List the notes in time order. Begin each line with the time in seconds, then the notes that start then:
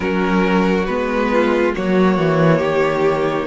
0.00 F#3 C#4 F#4 A#4
0.85 G#3 B3 B4
1.32 F4
1.74 F#3 A#3 F#4 C#5
2.17 E3
2.58 D#3 G4